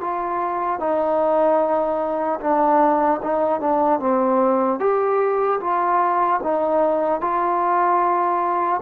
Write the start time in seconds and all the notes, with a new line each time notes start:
0.00 F4
0.79 D#4
2.40 D4
3.22 D#4
3.60 D4
3.99 C4
4.79 G4
5.60 F4
6.43 D#4
7.20 F4